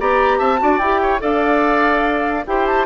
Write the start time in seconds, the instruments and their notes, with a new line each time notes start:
0.00 bassoon B3, clarinet G4, oboe D5, flute A#5
0.39 bassoon C4, oboe E5, flute A5
0.59 bassoon D4, clarinet F#4, oboe D5
0.79 bassoon E4, clarinet G4, flute G5
1.02 oboe C#5
1.20 bassoon D4, clarinet A4, oboe D5, flute F5
2.47 bassoon E4, clarinet G4, oboe C5, flute G5
2.67 flute A5